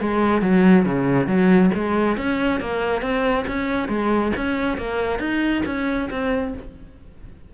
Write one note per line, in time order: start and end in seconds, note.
0.00 0.41 G#3
0.41 0.85 F#3
0.85 1.26 C#3
1.26 1.70 F#3
1.74 2.17 G#3
2.17 2.60 C#4
2.60 3.01 A#3
3.01 3.45 C4
3.47 3.88 C#4
3.88 4.32 G#3
4.36 4.77 C#4
4.77 5.19 A#3
5.19 5.62 D#4
5.65 6.09 C#4
6.10 6.54 C4